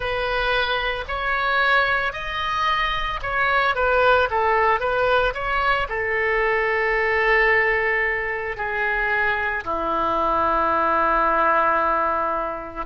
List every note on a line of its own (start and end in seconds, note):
0.00 1.05 B4
1.08 2.12 C#5
2.12 3.19 D#5
3.22 3.75 C#5
3.75 4.29 B4
4.30 4.80 A4
4.80 5.33 B4
5.33 5.87 C#5
5.88 8.56 A4
8.57 9.64 G#4
9.64 12.85 E4